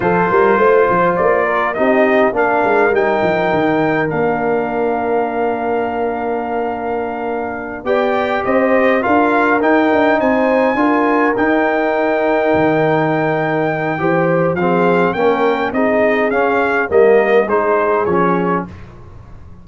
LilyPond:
<<
  \new Staff \with { instrumentName = "trumpet" } { \time 4/4 \tempo 4 = 103 c''2 d''4 dis''4 | f''4 g''2 f''4~ | f''1~ | f''4. g''4 dis''4 f''8~ |
f''8 g''4 gis''2 g''8~ | g''1~ | g''4 f''4 g''4 dis''4 | f''4 dis''4 c''4 cis''4 | }
  \new Staff \with { instrumentName = "horn" } { \time 4/4 a'8 ais'8 c''4. ais'8 g'4 | ais'1~ | ais'1~ | ais'4. d''4 c''4 ais'8~ |
ais'4. c''4 ais'4.~ | ais'1 | c''4 gis'4 ais'4 gis'4~ | gis'4 ais'4 gis'2 | }
  \new Staff \with { instrumentName = "trombone" } { \time 4/4 f'2. dis'4 | d'4 dis'2 d'4~ | d'1~ | d'4. g'2 f'8~ |
f'8 dis'2 f'4 dis'8~ | dis'1 | g'4 c'4 cis'4 dis'4 | cis'4 ais4 dis'4 cis'4 | }
  \new Staff \with { instrumentName = "tuba" } { \time 4/4 f8 g8 a8 f8 ais4 c'4 | ais8 gis8 g8 f8 dis4 ais4~ | ais1~ | ais4. b4 c'4 d'8~ |
d'8 dis'8 d'8 c'4 d'4 dis'8~ | dis'4. dis2~ dis8 | e4 f4 ais4 c'4 | cis'4 g4 gis4 f4 | }
>>